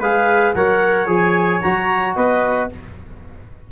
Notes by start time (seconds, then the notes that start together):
0.00 G#3 G#4 B4 F5
0.54 F#3 A#4 C#5 F#5
1.07 F3 G#4 G#5
1.62 F#3 F#4 A#5
2.15 B3 B4 D#5